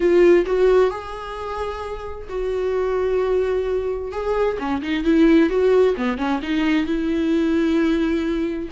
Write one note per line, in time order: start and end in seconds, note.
0.00 0.45 F4
0.46 0.90 F#4
0.90 2.28 G#4
2.28 4.12 F#4
4.12 4.57 G#4
4.58 4.81 C#4
4.82 5.04 D#4
5.04 5.49 E4
5.49 5.95 F#4
5.97 6.17 B3
6.17 6.40 C#4
6.42 6.86 D#4
6.86 8.69 E4